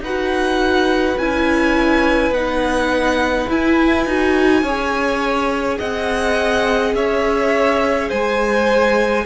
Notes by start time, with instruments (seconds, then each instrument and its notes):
0.00 cello D#4, viola F#4, violin B4 F#5
1.18 cello C#4, viola E4, violin G#5
2.30 cello B3, viola D#4, violin F#5
3.48 viola E4, cello E4, violin G#5
4.06 cello D#4, viola F#4
4.62 cello C#4, viola G#4, violin C#5
5.78 cello C4, violin D#5 F#5
6.94 cello C#4, violin C#5 E5
8.09 cello G#3, violin C5 G#5